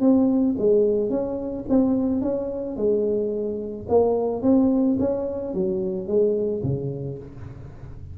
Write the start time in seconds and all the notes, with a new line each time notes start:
0.00 C4
0.58 G#3
1.09 C#4
1.69 C4
2.21 C#4
2.76 G#3
3.88 A#3
4.42 C4
4.99 C#4
5.54 F#3
6.07 G#3
6.63 C#3